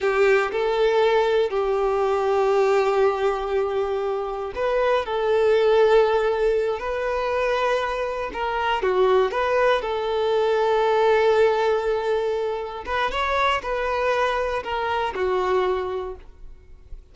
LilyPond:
\new Staff \with { instrumentName = "violin" } { \time 4/4 \tempo 4 = 119 g'4 a'2 g'4~ | g'1~ | g'4 b'4 a'2~ | a'4. b'2~ b'8~ |
b'8 ais'4 fis'4 b'4 a'8~ | a'1~ | a'4. b'8 cis''4 b'4~ | b'4 ais'4 fis'2 | }